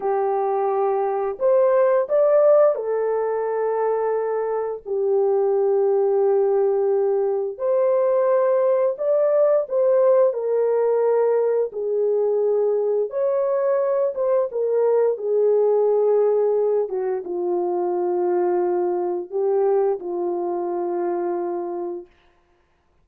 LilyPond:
\new Staff \with { instrumentName = "horn" } { \time 4/4 \tempo 4 = 87 g'2 c''4 d''4 | a'2. g'4~ | g'2. c''4~ | c''4 d''4 c''4 ais'4~ |
ais'4 gis'2 cis''4~ | cis''8 c''8 ais'4 gis'2~ | gis'8 fis'8 f'2. | g'4 f'2. | }